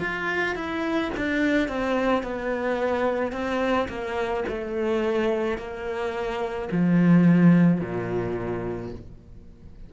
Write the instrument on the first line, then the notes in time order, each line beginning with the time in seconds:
cello
0.00 F4
0.55 E4
1.17 D4
1.68 C4
2.23 B3
3.32 C4
3.88 A#3
4.48 A3
5.58 A#3
6.71 F3
7.81 A#2